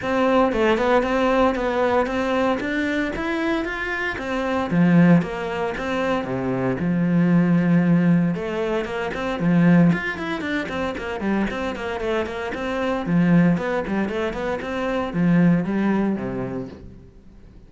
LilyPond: \new Staff \with { instrumentName = "cello" } { \time 4/4 \tempo 4 = 115 c'4 a8 b8 c'4 b4 | c'4 d'4 e'4 f'4 | c'4 f4 ais4 c'4 | c4 f2. |
a4 ais8 c'8 f4 f'8 e'8 | d'8 c'8 ais8 g8 c'8 ais8 a8 ais8 | c'4 f4 b8 g8 a8 b8 | c'4 f4 g4 c4 | }